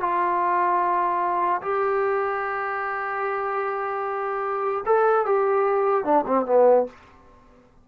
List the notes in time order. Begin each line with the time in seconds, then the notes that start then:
0.00 F4
1.62 G4
4.86 A4
5.26 G4
6.04 D4
6.26 C4
6.46 B3